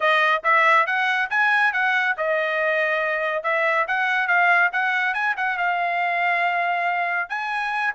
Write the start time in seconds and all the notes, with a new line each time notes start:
0.00 D#5
0.43 E5
0.86 F#5
1.30 G#5
1.73 F#5
2.17 D#5
3.43 E5
3.87 F#5
4.27 F5
4.72 F#5
5.14 G#5
5.36 F#5
5.57 F5
7.29 G#5